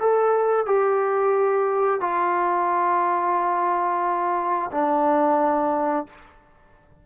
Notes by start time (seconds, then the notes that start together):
0.00 A4
0.66 G4
2.01 F4
4.72 D4